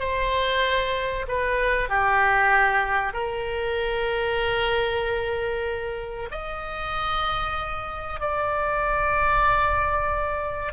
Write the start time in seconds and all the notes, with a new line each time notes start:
0.00 C5
1.28 B4
1.89 G4
3.14 A#4
6.32 D#5
8.21 D5